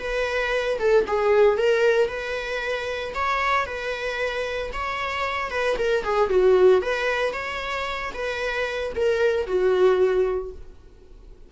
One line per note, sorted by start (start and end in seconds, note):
0.00 0.79 B4
0.79 1.06 A4
1.07 1.58 G#4
1.58 2.09 A#4
2.09 3.14 B4
3.15 3.67 C#5
3.67 4.72 B4
4.73 5.51 C#5
5.51 5.77 B4
5.79 6.04 A#4
6.04 6.30 G#4
6.30 6.82 F#4
6.82 7.33 B4
7.33 8.12 C#5
8.14 8.93 B4
8.96 9.47 A#4
9.47 10.52 F#4